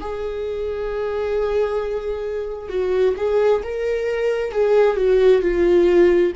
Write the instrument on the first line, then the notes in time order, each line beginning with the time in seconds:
viola
0.00 G#4
2.69 F#4
3.17 G#4
3.63 A#4
4.52 G#4
4.97 F#4
5.42 F4